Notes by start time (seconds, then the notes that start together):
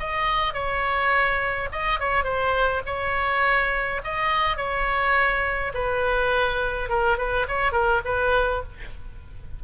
0.00 D#5
0.54 C#5
1.73 D#5
2.00 C#5
2.24 C5
2.86 C#5
4.05 D#5
4.57 C#5
5.74 B4
6.90 A#4
7.18 B4
7.49 C#5
7.72 A#4
8.05 B4